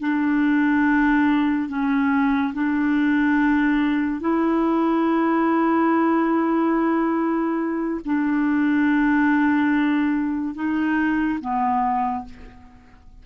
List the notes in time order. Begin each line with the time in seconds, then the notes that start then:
0.00 D4
1.69 C#4
2.54 D4
4.21 E4
8.05 D4
10.55 D#4
11.40 B3